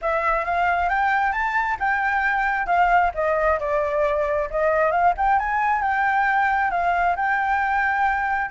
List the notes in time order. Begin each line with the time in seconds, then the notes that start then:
0.01 E5
0.44 F5
0.89 G5
1.32 A5
1.79 G5
2.66 F5
3.14 D#5
3.59 D5
4.50 D#5
4.91 F5
5.17 G5
5.39 G#5
5.82 G5
6.70 F5
7.16 G5